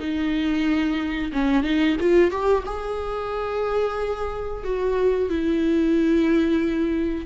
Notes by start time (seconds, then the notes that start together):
0.00 D#4
1.33 C#4
1.64 D#4
2.01 F4
2.31 G4
2.66 G#4
4.64 F#4
5.30 E4